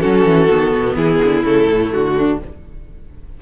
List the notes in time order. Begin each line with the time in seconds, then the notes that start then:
0.00 F#3 C#4 F#4 A4
0.25 E3
0.50 D#3 B3
0.75 B2
0.95 E3 E4 G#4
1.24 D3
1.44 C#3 A3 A4
1.68 A2
1.93 D3 F#4
2.17 D4